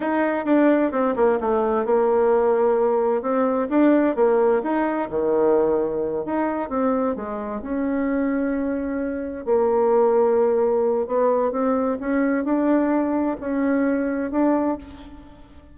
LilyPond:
\new Staff \with { instrumentName = "bassoon" } { \time 4/4 \tempo 4 = 130 dis'4 d'4 c'8 ais8 a4 | ais2. c'4 | d'4 ais4 dis'4 dis4~ | dis4. dis'4 c'4 gis8~ |
gis8 cis'2.~ cis'8~ | cis'8 ais2.~ ais8 | b4 c'4 cis'4 d'4~ | d'4 cis'2 d'4 | }